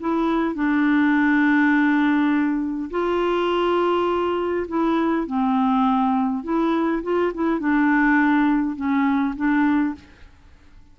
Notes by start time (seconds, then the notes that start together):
0.00 E4
0.55 D4
2.91 F4
4.68 E4
5.27 C4
6.44 E4
7.03 F4
7.34 E4
7.60 D4
8.76 C#4
9.36 D4